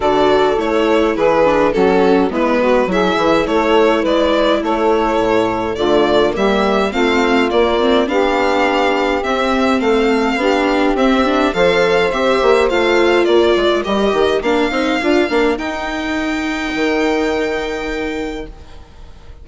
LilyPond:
<<
  \new Staff \with { instrumentName = "violin" } { \time 4/4 \tempo 4 = 104 d''4 cis''4 b'4 a'4 | b'4 e''4 cis''4 d''4 | cis''2 d''4 e''4 | f''4 d''4 f''2 |
e''4 f''2 e''4 | f''4 e''4 f''4 d''4 | dis''4 f''2 g''4~ | g''1 | }
  \new Staff \with { instrumentName = "saxophone" } { \time 4/4 a'2 gis'4 fis'4 | e'8 fis'8 gis'4 a'4 b'4 | a'2 f'4 g'4 | f'2 g'2~ |
g'4 a'4 g'2 | c''2. ais'4~ | ais'1~ | ais'1 | }
  \new Staff \with { instrumentName = "viola" } { \time 4/4 fis'4 e'4. d'8 cis'4 | b4 e'2.~ | e'2 a4 ais4 | c'4 ais8 c'8 d'2 |
c'2 d'4 c'8 d'8 | a'4 g'4 f'2 | g'4 d'8 dis'8 f'8 d'8 dis'4~ | dis'1 | }
  \new Staff \with { instrumentName = "bassoon" } { \time 4/4 d4 a4 e4 fis4 | gis4 fis8 e8 a4 gis4 | a4 a,4 d4 g4 | a4 ais4 b2 |
c'4 a4 b4 c'4 | f4 c'8 ais8 a4 ais8 gis8 | g8 dis8 ais8 c'8 d'8 ais8 dis'4~ | dis'4 dis2. | }
>>